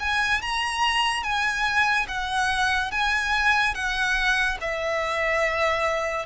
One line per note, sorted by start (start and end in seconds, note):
0.00 0.42 G#5
0.42 1.23 A#5
1.23 2.06 G#5
2.08 2.91 F#5
2.91 3.75 G#5
3.75 4.58 F#5
4.61 6.26 E5